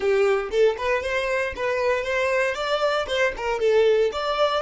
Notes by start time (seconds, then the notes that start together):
0.00 G4
0.51 A4
0.77 B4
1.03 C5
1.56 B4
2.03 C5
2.55 D5
3.07 C5
3.36 A#4
3.59 A4
4.12 D5